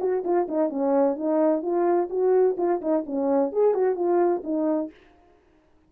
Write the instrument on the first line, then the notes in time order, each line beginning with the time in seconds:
horn
0.00 F#4
0.24 F4
0.48 D#4
0.69 C#4
1.15 D#4
1.62 F4
2.10 F#4
2.58 F4
2.81 D#4
3.06 C#4
3.52 G#4
3.74 F#4
3.95 F4
4.44 D#4